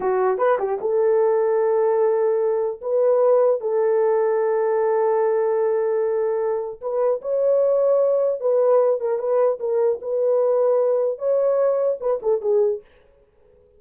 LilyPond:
\new Staff \with { instrumentName = "horn" } { \time 4/4 \tempo 4 = 150 fis'4 b'8 g'8 a'2~ | a'2. b'4~ | b'4 a'2.~ | a'1~ |
a'4 b'4 cis''2~ | cis''4 b'4. ais'8 b'4 | ais'4 b'2. | cis''2 b'8 a'8 gis'4 | }